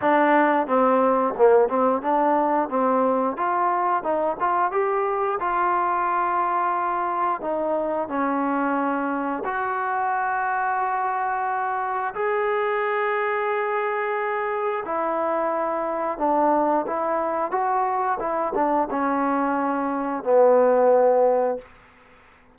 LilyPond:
\new Staff \with { instrumentName = "trombone" } { \time 4/4 \tempo 4 = 89 d'4 c'4 ais8 c'8 d'4 | c'4 f'4 dis'8 f'8 g'4 | f'2. dis'4 | cis'2 fis'2~ |
fis'2 gis'2~ | gis'2 e'2 | d'4 e'4 fis'4 e'8 d'8 | cis'2 b2 | }